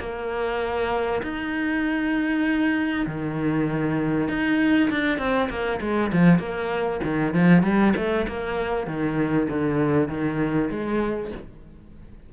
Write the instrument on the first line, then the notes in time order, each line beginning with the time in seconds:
cello
0.00 A#3
1.23 D#4
3.07 D#3
4.29 D#4
4.91 D4
5.19 C4
5.50 A#3
5.81 G#3
6.13 F3
6.39 A#3
7.04 D#3
7.34 F3
7.63 G3
7.96 A3
8.28 A#3
8.87 D#3
9.50 D3
10.09 D#3
10.71 G#3